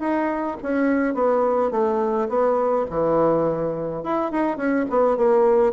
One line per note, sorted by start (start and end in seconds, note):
0.00 0.57 D#4
0.63 1.15 C#4
1.15 1.71 B3
1.71 2.28 A3
2.29 2.86 B3
2.90 4.04 E3
4.04 4.32 E4
4.32 4.57 D#4
4.57 4.86 C#4
4.90 5.17 B3
5.17 5.73 A#3